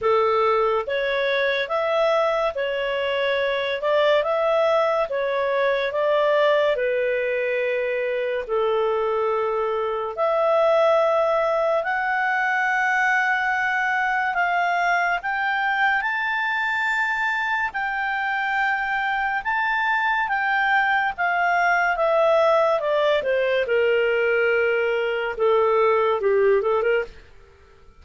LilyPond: \new Staff \with { instrumentName = "clarinet" } { \time 4/4 \tempo 4 = 71 a'4 cis''4 e''4 cis''4~ | cis''8 d''8 e''4 cis''4 d''4 | b'2 a'2 | e''2 fis''2~ |
fis''4 f''4 g''4 a''4~ | a''4 g''2 a''4 | g''4 f''4 e''4 d''8 c''8 | ais'2 a'4 g'8 a'16 ais'16 | }